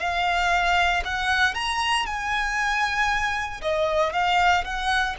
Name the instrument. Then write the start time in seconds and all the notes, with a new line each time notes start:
violin
0.00 F5
1.05 F#5
1.55 A#5
2.06 G#5
3.62 D#5
4.13 F5
4.65 F#5